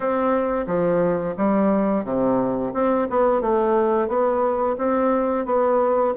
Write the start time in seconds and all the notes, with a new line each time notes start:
0.00 C4
0.66 F3
1.37 G3
2.04 C3
2.73 C4
3.10 B3
3.41 A3
4.08 B3
4.78 C4
5.45 B3